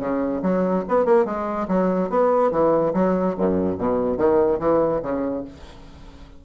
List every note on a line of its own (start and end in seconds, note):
0.00 0.42 C#3
0.43 0.85 F#3
0.89 1.06 B3
1.06 1.26 A#3
1.26 1.68 G#3
1.68 2.10 F#3
2.10 2.52 B3
2.52 2.94 E3
2.94 3.36 F#3
3.38 3.79 F#2
3.79 4.18 B2
4.18 4.60 D#3
4.60 5.02 E3
5.03 5.45 C#3